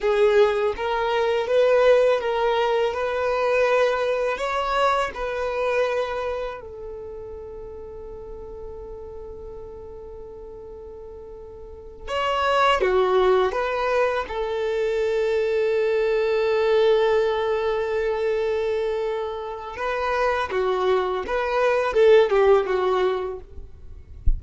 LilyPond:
\new Staff \with { instrumentName = "violin" } { \time 4/4 \tempo 4 = 82 gis'4 ais'4 b'4 ais'4 | b'2 cis''4 b'4~ | b'4 a'2.~ | a'1~ |
a'8 cis''4 fis'4 b'4 a'8~ | a'1~ | a'2. b'4 | fis'4 b'4 a'8 g'8 fis'4 | }